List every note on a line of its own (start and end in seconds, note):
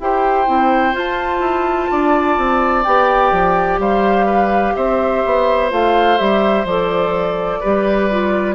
0.00 0.47 E4
0.00 0.46 G4
0.00 1.91 C5
0.00 0.96 G5
0.46 0.94 C4
0.46 0.93 E4
0.93 2.83 F4
0.93 1.40 F4
0.93 2.84 A5
1.40 1.87 E4
1.91 2.37 D4
1.91 3.80 D5
2.37 2.85 C4
2.84 3.32 B3
2.84 5.70 G4
2.84 3.79 G5
3.32 3.79 F3
3.79 4.74 G3
3.79 4.26 C5
3.79 4.75 F5
4.26 4.73 B4
4.75 5.24 C4
4.75 7.60 C5
4.75 5.70 E5
5.25 5.71 B3
5.70 6.19 A3
5.70 6.17 F4
5.70 6.18 F5
6.17 6.64 G3
6.17 6.65 G4
6.17 6.65 E5
6.64 7.60 F3
6.64 7.63 A4
6.64 8.55 D5
7.60 8.55 G3
7.60 8.10 G4
7.60 8.55 B4
8.10 8.55 F4